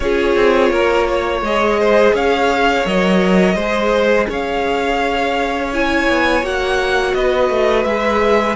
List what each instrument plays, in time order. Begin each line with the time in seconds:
0.00 cello C#4, viola F4, violin G#4 C#5
0.35 cello C4
0.70 cello A#3, violin A#4
1.08 violin C#5
1.41 cello G#3, viola G#4, violin D#5
1.79 violin C5
2.13 cello C#4, violin C#5 F5
2.85 cello F#3, viola A#4, violin D#5
3.55 cello G#3, violin C5
3.61 viola G#4
4.29 cello C#4, violin C#5 F5
5.73 viola E4, violin G#5
6.08 cello B3
6.42 cello A#3, viola F#4, violin F#5
7.14 cello B3, violin B4 D#5
7.49 cello A3
7.84 cello G#3, viola G#4, violin E5